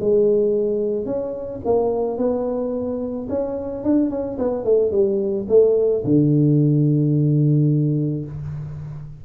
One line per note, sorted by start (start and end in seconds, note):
0.00 1.06 G#3
1.06 1.61 C#4
1.65 2.17 A#3
2.17 3.28 B3
3.29 3.84 C#4
3.84 4.10 D4
4.10 4.38 C#4
4.39 4.64 B3
4.64 4.91 A3
4.91 5.46 G3
5.48 6.04 A3
6.05 8.25 D3